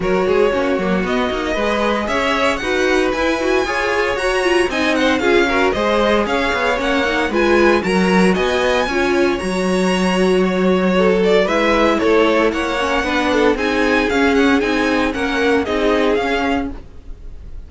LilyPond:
<<
  \new Staff \with { instrumentName = "violin" } { \time 4/4 \tempo 4 = 115 cis''2 dis''2 | e''4 fis''4 gis''2 | ais''4 gis''8 fis''8 f''4 dis''4 | f''4 fis''4 gis''4 ais''4 |
gis''2 ais''2 | cis''4. d''8 e''4 cis''4 | fis''2 gis''4 f''8 fis''8 | gis''4 fis''4 dis''4 f''4 | }
  \new Staff \with { instrumentName = "violin" } { \time 4/4 ais'8 gis'8 fis'2 b'4 | cis''4 b'2 cis''4~ | cis''4 dis''8 c''8 gis'8 ais'8 c''4 | cis''2 b'4 ais'4 |
dis''4 cis''2.~ | cis''4 a'4 b'4 a'4 | cis''4 b'8 a'8 gis'2~ | gis'4 ais'4 gis'2 | }
  \new Staff \with { instrumentName = "viola" } { \time 4/4 fis'4 cis'8 ais8 b8 dis'8 gis'4~ | gis'4 fis'4 e'8 fis'8 gis'4 | fis'8 f'8 dis'4 f'8 fis'8 gis'4~ | gis'4 cis'8 dis'8 f'4 fis'4~ |
fis'4 f'4 fis'2~ | fis'2 e'2~ | e'8 cis'8 d'4 dis'4 cis'4 | dis'4 cis'4 dis'4 cis'4 | }
  \new Staff \with { instrumentName = "cello" } { \time 4/4 fis8 gis8 ais8 fis8 b8 ais8 gis4 | cis'4 dis'4 e'4 f'4 | fis'4 c'4 cis'4 gis4 | cis'8 b8 ais4 gis4 fis4 |
b4 cis'4 fis2~ | fis2 gis4 a4 | ais4 b4 c'4 cis'4 | c'4 ais4 c'4 cis'4 | }
>>